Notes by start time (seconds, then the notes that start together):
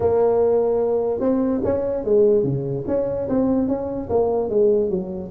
0.00 A#3
1.20 C4
1.64 C#4
2.04 G#3
2.43 C#3
2.87 C#4
3.28 C4
3.68 C#4
4.09 A#3
4.49 G#3
4.90 F#3